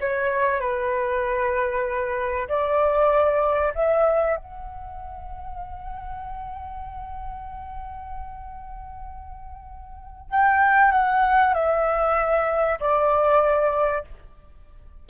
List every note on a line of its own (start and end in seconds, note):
0.00 0.60 C#5
0.60 2.48 B4
2.48 3.73 D5
3.74 4.36 E5
4.36 10.30 F#5
10.30 10.91 G5
10.91 11.54 F#5
11.54 12.79 E5
12.80 14.05 D5